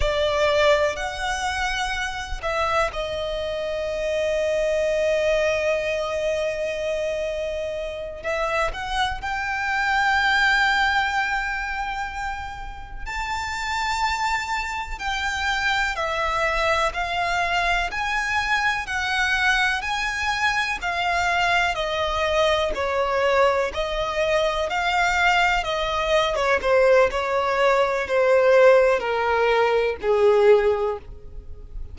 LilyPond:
\new Staff \with { instrumentName = "violin" } { \time 4/4 \tempo 4 = 62 d''4 fis''4. e''8 dis''4~ | dis''1~ | dis''8 e''8 fis''8 g''2~ g''8~ | g''4. a''2 g''8~ |
g''8 e''4 f''4 gis''4 fis''8~ | fis''8 gis''4 f''4 dis''4 cis''8~ | cis''8 dis''4 f''4 dis''8. cis''16 c''8 | cis''4 c''4 ais'4 gis'4 | }